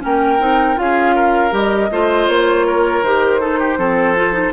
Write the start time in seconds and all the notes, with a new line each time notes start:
0.00 A#3 C#4 A#4 G5
0.39 C4 D#4
0.76 C#4 F4 G#4 F5
1.15 A#4
1.51 G3 G4 D#5
1.91 A3 F4 C5
2.28 A#3 C#5
2.67 A#4
3.02 D#3 G4 C5
3.40 D#4 A4
3.59 G4
3.77 F3 C4 A4
4.16 F4
4.33 D#4